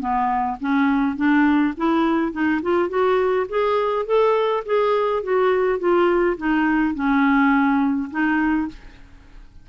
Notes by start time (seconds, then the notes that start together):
0.00 B3
0.61 C#4
1.17 D4
1.78 E4
2.33 D#4
2.62 F4
2.90 F#4
3.50 G#4
4.06 A4
4.66 G#4
5.23 F#4
5.80 F4
6.38 D#4
6.95 C#4
8.11 D#4